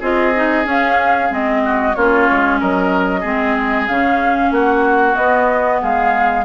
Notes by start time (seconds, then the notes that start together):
0.00 C4 F4 G#4 D#5
0.35 D#4
0.64 C#4 F5
1.30 G#3 C4 D#5
1.65 F#4
1.95 A#3 C#4 F4 C#5
2.31 G#3
2.60 F#3 A#4 D#5
3.20 G#3 C4 G#4
3.88 C#3 C#4 F5
4.51 A#3 F#4 F#5
5.15 B3 D#5
5.81 G#3 G#4 F5